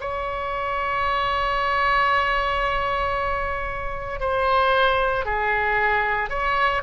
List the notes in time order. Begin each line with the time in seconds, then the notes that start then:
0.00 C#5
4.20 C5
5.25 G#4
6.29 C#5